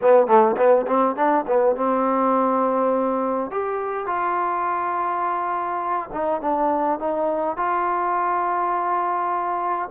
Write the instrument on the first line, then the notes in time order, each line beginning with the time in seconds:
trombone
0.01 B3
0.26 A3
0.56 B3
0.87 C4
1.16 D4
1.47 B3
1.76 C4
3.50 G4
4.06 F4
6.12 D#4
6.41 D4
6.99 D#4
7.56 F4